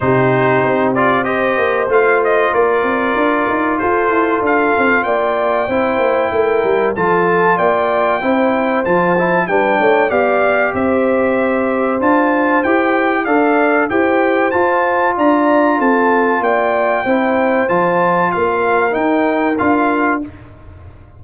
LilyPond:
<<
  \new Staff \with { instrumentName = "trumpet" } { \time 4/4 \tempo 4 = 95 c''4. d''8 dis''4 f''8 dis''8 | d''2 c''4 f''4 | g''2. a''4 | g''2 a''4 g''4 |
f''4 e''2 a''4 | g''4 f''4 g''4 a''4 | ais''4 a''4 g''2 | a''4 f''4 g''4 f''4 | }
  \new Staff \with { instrumentName = "horn" } { \time 4/4 g'2 c''2 | ais'2 a'2 | d''4 c''4 ais'4 a'4 | d''4 c''2 b'8 cis''8 |
d''4 c''2.~ | c''4 d''4 c''2 | d''4 a'4 d''4 c''4~ | c''4 ais'2. | }
  \new Staff \with { instrumentName = "trombone" } { \time 4/4 dis'4. f'8 g'4 f'4~ | f'1~ | f'4 e'2 f'4~ | f'4 e'4 f'8 e'8 d'4 |
g'2. f'4 | g'4 a'4 g'4 f'4~ | f'2. e'4 | f'2 dis'4 f'4 | }
  \new Staff \with { instrumentName = "tuba" } { \time 4/4 c4 c'4. ais8 a4 | ais8 c'8 d'8 dis'8 f'8 e'8 d'8 c'8 | ais4 c'8 ais8 a8 g8 f4 | ais4 c'4 f4 g8 a8 |
b4 c'2 d'4 | e'4 d'4 e'4 f'4 | d'4 c'4 ais4 c'4 | f4 ais4 dis'4 d'4 | }
>>